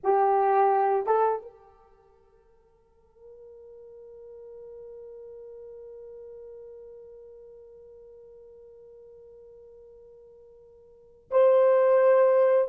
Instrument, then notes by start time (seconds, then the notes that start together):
horn
0.03 G4
1.06 A4
1.41 A#4
11.30 C5